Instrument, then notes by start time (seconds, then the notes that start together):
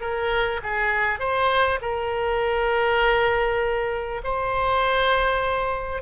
oboe
0.00 A#4
0.62 G#4
1.19 C5
1.81 A#4
4.23 C5